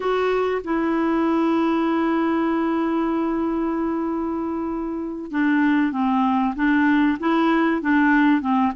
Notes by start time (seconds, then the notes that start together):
0.00 F#4
0.64 E4
5.31 D4
5.91 C4
6.55 D4
7.19 E4
7.81 D4
8.41 C4